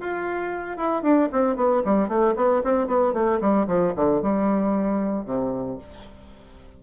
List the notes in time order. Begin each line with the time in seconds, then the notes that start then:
0.00 F4
0.77 E4
1.02 D4
1.32 C4
1.56 B3
1.85 G3
2.08 A3
2.36 B3
2.64 C4
2.87 B3
3.13 A3
3.41 G3
3.67 F3
3.96 D3
4.22 G3
5.25 C3